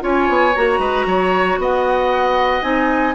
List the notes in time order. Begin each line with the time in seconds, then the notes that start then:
0.00 C#4 F4 C#5 G#5
0.28 B3
0.55 A#3 F#4 A#5
0.78 G#3 B4
1.06 F#3 C#5
1.58 B3 D#5 F#5
2.62 C4 D#4 G#5